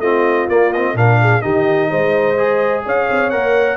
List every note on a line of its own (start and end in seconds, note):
0.00 0.47 A3
0.00 0.50 C4
0.00 0.97 F4
0.00 0.48 D#5
0.49 0.94 A#3
0.49 0.74 A#3
0.49 0.73 D5
0.73 0.96 C4
0.73 0.97 D#5
0.94 1.42 A#2
0.94 1.42 D4
0.94 1.21 A#4
0.94 1.42 F5
1.22 1.43 G#4
1.42 1.91 D#3
1.42 2.37 D#4
1.42 1.91 G4
1.42 2.84 D#5
1.91 2.86 G#3
1.91 2.85 C5
2.37 3.32 G#4
2.86 3.10 C#4
2.86 3.77 C#5
2.86 3.31 F5
3.11 3.34 C4
3.31 3.77 A#3
3.31 3.77 A#4
3.31 3.77 F#5